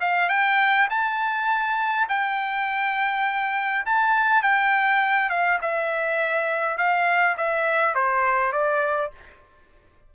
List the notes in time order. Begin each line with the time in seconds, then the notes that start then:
0.00 F5
0.29 G5
0.90 A5
2.09 G5
3.86 A5
4.42 G5
5.29 F5
5.61 E5
6.78 F5
7.37 E5
7.95 C5
8.52 D5